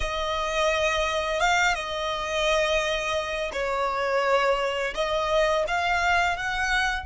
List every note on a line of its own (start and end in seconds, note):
0.00 1.40 D#5
1.40 1.74 F5
1.74 3.51 D#5
3.53 4.94 C#5
4.94 5.64 D#5
5.67 6.36 F5
6.36 7.06 F#5